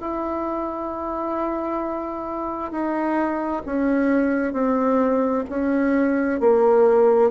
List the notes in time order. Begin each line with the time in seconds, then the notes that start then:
0.00 E4
2.71 D#4
3.66 C#4
4.53 C4
5.50 C#4
6.40 A#3